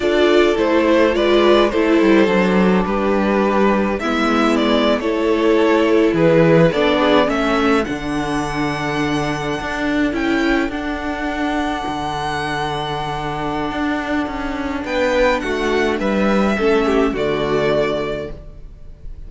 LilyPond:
<<
  \new Staff \with { instrumentName = "violin" } { \time 4/4 \tempo 4 = 105 d''4 c''4 d''4 c''4~ | c''4 b'2 e''4 | d''8. cis''2 b'4 d''16~ | d''8. e''4 fis''2~ fis''16~ |
fis''4.~ fis''16 g''4 fis''4~ fis''16~ | fis''1~ | fis''2 g''4 fis''4 | e''2 d''2 | }
  \new Staff \with { instrumentName = "violin" } { \time 4/4 a'2 b'4 a'4~ | a'4 g'2 e'4~ | e'8. a'2 gis'4 a'16~ | a'16 gis'8 a'2.~ a'16~ |
a'1~ | a'1~ | a'2 b'4 fis'4 | b'4 a'8 g'8 fis'2 | }
  \new Staff \with { instrumentName = "viola" } { \time 4/4 f'4 e'4 f'4 e'4 | d'2. b4~ | b8. e'2. d'16~ | d'8. cis'4 d'2~ d'16~ |
d'4.~ d'16 e'4 d'4~ d'16~ | d'1~ | d'1~ | d'4 cis'4 a2 | }
  \new Staff \with { instrumentName = "cello" } { \time 4/4 d'4 a4 gis4 a8 g8 | fis4 g2 gis4~ | gis8. a2 e4 b16~ | b8. a4 d2~ d16~ |
d8. d'4 cis'4 d'4~ d'16~ | d'8. d2.~ d16 | d'4 cis'4 b4 a4 | g4 a4 d2 | }
>>